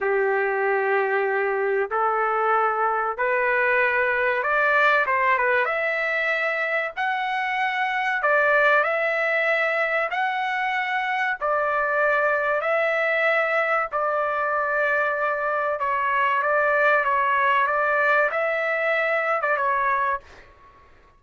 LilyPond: \new Staff \with { instrumentName = "trumpet" } { \time 4/4 \tempo 4 = 95 g'2. a'4~ | a'4 b'2 d''4 | c''8 b'8 e''2 fis''4~ | fis''4 d''4 e''2 |
fis''2 d''2 | e''2 d''2~ | d''4 cis''4 d''4 cis''4 | d''4 e''4.~ e''16 d''16 cis''4 | }